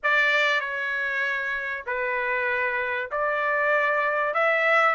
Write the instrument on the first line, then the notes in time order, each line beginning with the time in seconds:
trumpet
0.03 D5
0.60 C#5
1.86 B4
3.11 D5
4.34 E5